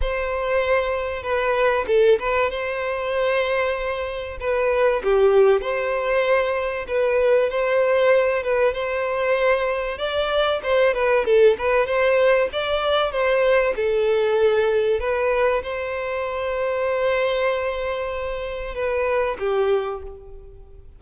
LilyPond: \new Staff \with { instrumentName = "violin" } { \time 4/4 \tempo 4 = 96 c''2 b'4 a'8 b'8 | c''2. b'4 | g'4 c''2 b'4 | c''4. b'8 c''2 |
d''4 c''8 b'8 a'8 b'8 c''4 | d''4 c''4 a'2 | b'4 c''2.~ | c''2 b'4 g'4 | }